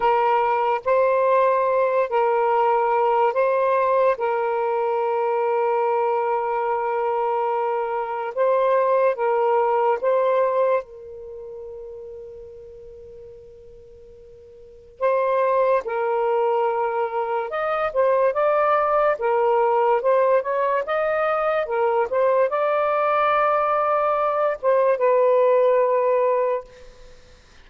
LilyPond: \new Staff \with { instrumentName = "saxophone" } { \time 4/4 \tempo 4 = 72 ais'4 c''4. ais'4. | c''4 ais'2.~ | ais'2 c''4 ais'4 | c''4 ais'2.~ |
ais'2 c''4 ais'4~ | ais'4 dis''8 c''8 d''4 ais'4 | c''8 cis''8 dis''4 ais'8 c''8 d''4~ | d''4. c''8 b'2 | }